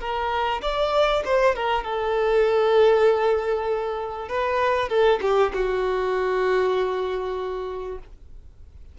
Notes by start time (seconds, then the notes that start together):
0.00 A#4
0.62 D5
1.25 C5
1.55 A#4
1.84 A4
4.28 B4
4.89 A4
5.21 G4
5.54 F#4